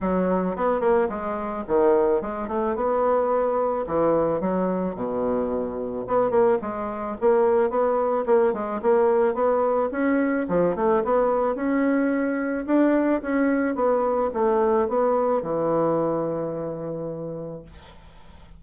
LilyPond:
\new Staff \with { instrumentName = "bassoon" } { \time 4/4 \tempo 4 = 109 fis4 b8 ais8 gis4 dis4 | gis8 a8 b2 e4 | fis4 b,2 b8 ais8 | gis4 ais4 b4 ais8 gis8 |
ais4 b4 cis'4 f8 a8 | b4 cis'2 d'4 | cis'4 b4 a4 b4 | e1 | }